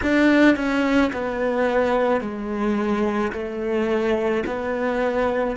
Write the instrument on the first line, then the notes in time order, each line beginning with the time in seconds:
cello
0.02 D4
0.56 C#4
1.12 B3
2.20 G#3
3.32 A3
4.46 B3